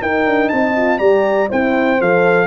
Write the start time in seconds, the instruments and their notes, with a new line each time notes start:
0.00 horn D#4 A#4, tuba D#4, trumpet G5
0.26 tuba D4
0.49 tuba C4, horn D#5, trumpet A5
0.77 horn F4
0.99 tuba G3, horn G4 D5, trumpet A#5
1.50 tuba C4, horn E4 C5, trumpet G5
2.01 tuba F3, horn A4, trumpet F5